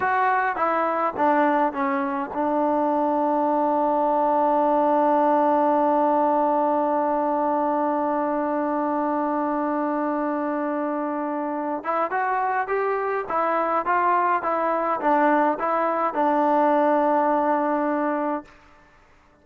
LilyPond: \new Staff \with { instrumentName = "trombone" } { \time 4/4 \tempo 4 = 104 fis'4 e'4 d'4 cis'4 | d'1~ | d'1~ | d'1~ |
d'1~ | d'8 e'8 fis'4 g'4 e'4 | f'4 e'4 d'4 e'4 | d'1 | }